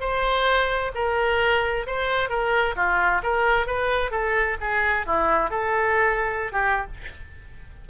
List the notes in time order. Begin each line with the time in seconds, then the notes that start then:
0.00 C5
0.94 A#4
1.86 C5
2.29 A#4
2.75 F4
3.23 A#4
3.66 B4
4.11 A4
4.60 G#4
5.06 E4
5.50 A4
6.52 G4